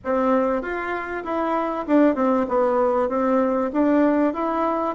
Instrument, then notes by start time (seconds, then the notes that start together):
bassoon
0.04 C4
0.62 F4
1.23 E4
1.87 D4
2.15 C4
2.48 B3
3.08 C4
3.73 D4
4.33 E4